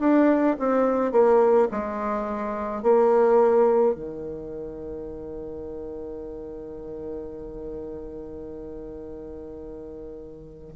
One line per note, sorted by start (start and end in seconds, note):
0.00 0.57 D4
0.59 1.12 C4
1.12 1.68 A#3
1.71 2.83 G#3
2.83 3.95 A#3
3.95 10.74 D#3